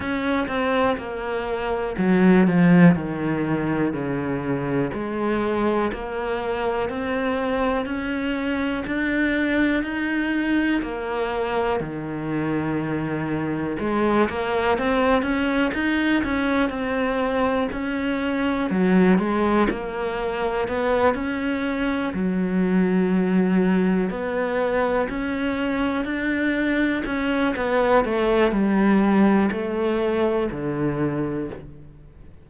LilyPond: \new Staff \with { instrumentName = "cello" } { \time 4/4 \tempo 4 = 61 cis'8 c'8 ais4 fis8 f8 dis4 | cis4 gis4 ais4 c'4 | cis'4 d'4 dis'4 ais4 | dis2 gis8 ais8 c'8 cis'8 |
dis'8 cis'8 c'4 cis'4 fis8 gis8 | ais4 b8 cis'4 fis4.~ | fis8 b4 cis'4 d'4 cis'8 | b8 a8 g4 a4 d4 | }